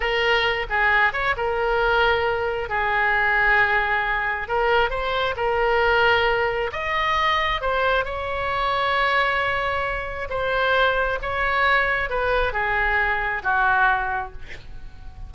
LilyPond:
\new Staff \with { instrumentName = "oboe" } { \time 4/4 \tempo 4 = 134 ais'4. gis'4 cis''8 ais'4~ | ais'2 gis'2~ | gis'2 ais'4 c''4 | ais'2. dis''4~ |
dis''4 c''4 cis''2~ | cis''2. c''4~ | c''4 cis''2 b'4 | gis'2 fis'2 | }